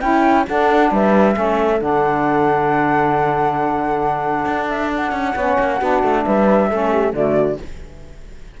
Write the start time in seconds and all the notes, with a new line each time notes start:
0.00 C#4 E4 G5
0.47 D4 A4 F#5
0.91 G3 B4 E5
1.33 A3 C#4 A4
1.79 D3 D4 F#5
4.45 D4
4.68 E5
4.95 F#5
5.12 C#4
5.35 B3 C#4 C#5
5.58 A#3
5.77 B3 D4 F#4
6.03 A3
6.24 G3 B4 E5
6.69 A3 C#4 A4
6.92 G4
7.12 D3 A3 F#4 D5